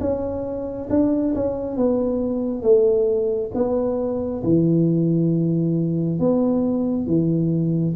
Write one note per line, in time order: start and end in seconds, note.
0.00 0.88 C#4
0.90 1.34 D4
1.35 1.76 C#4
1.76 2.63 B3
2.63 3.51 A3
3.54 4.42 B3
4.44 6.19 E3
6.19 7.07 B3
7.07 7.95 E3